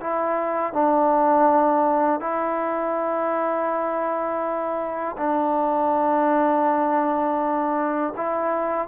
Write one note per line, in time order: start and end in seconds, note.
0.00 0.73 E4
0.73 2.20 D4
2.20 5.16 E4
5.17 8.13 D4
8.16 8.87 E4